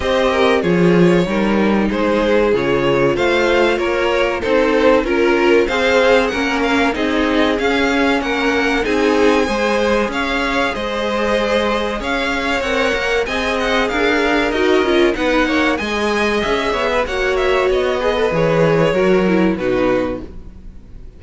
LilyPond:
<<
  \new Staff \with { instrumentName = "violin" } { \time 4/4 \tempo 4 = 95 dis''4 cis''2 c''4 | cis''4 f''4 cis''4 c''4 | ais'4 f''4 fis''8 f''8 dis''4 | f''4 fis''4 gis''2 |
f''4 dis''2 f''4 | fis''4 gis''8 fis''8 f''4 dis''4 | fis''4 gis''4 e''4 fis''8 e''8 | dis''4 cis''2 b'4 | }
  \new Staff \with { instrumentName = "violin" } { \time 4/4 c''8 ais'8 gis'4 ais'4 gis'4~ | gis'4 c''4 ais'4 a'4 | ais'4 c''4 ais'4 gis'4~ | gis'4 ais'4 gis'4 c''4 |
cis''4 c''2 cis''4~ | cis''4 dis''4 ais'2 | b'8 cis''8 dis''4. cis''16 b'16 cis''4~ | cis''8 b'4. ais'4 fis'4 | }
  \new Staff \with { instrumentName = "viola" } { \time 4/4 g'4 f'4 dis'2 | f'2. dis'4 | f'4 gis'4 cis'4 dis'4 | cis'2 dis'4 gis'4~ |
gis'1 | ais'4 gis'2 fis'8 f'8 | dis'4 gis'2 fis'4~ | fis'8 gis'16 a'16 gis'4 fis'8 e'8 dis'4 | }
  \new Staff \with { instrumentName = "cello" } { \time 4/4 c'4 f4 g4 gis4 | cis4 a4 ais4 c'4 | cis'4 c'4 ais4 c'4 | cis'4 ais4 c'4 gis4 |
cis'4 gis2 cis'4 | c'8 ais8 c'4 d'4 dis'8 cis'8 | b8 ais8 gis4 cis'8 b8 ais4 | b4 e4 fis4 b,4 | }
>>